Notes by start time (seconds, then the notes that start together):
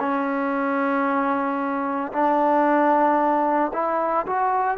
0.00 C#4
2.13 D4
3.73 E4
4.27 F#4